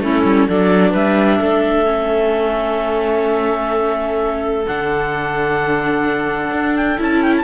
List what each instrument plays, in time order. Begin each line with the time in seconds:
0.00 cello A3, viola C#4, clarinet E4 A4
0.24 cello G3
0.47 cello F#3, viola D4, clarinet A4 D5
0.90 cello G3, clarinet B4 E5
1.38 cello A3, clarinet A4
1.85 viola C#4
4.66 cello D3, viola D4, clarinet F#5
6.51 cello D4
6.76 clarinet G5
6.98 cello C#4, viola E4, clarinet A5
7.22 clarinet G5
7.37 clarinet A5